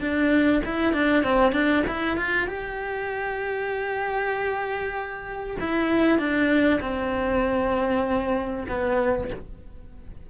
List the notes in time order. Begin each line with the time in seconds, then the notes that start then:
0.00 D4
0.65 E4
0.93 D4
1.23 C4
1.52 D4
1.87 E4
2.17 F4
2.47 G4
5.60 E4
6.18 D4
6.81 C4
8.68 B3